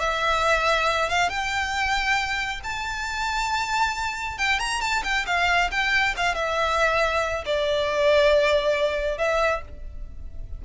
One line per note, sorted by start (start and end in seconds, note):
0.00 1.09 E5
1.09 1.30 F5
1.30 2.61 G5
2.64 4.39 A5
4.39 4.60 G5
4.60 4.81 A#5
4.81 5.03 A5
5.04 5.26 G5
5.27 5.71 F5
5.72 6.15 G5
6.17 6.35 F5
6.35 7.45 E5
7.46 9.18 D5
9.18 9.62 E5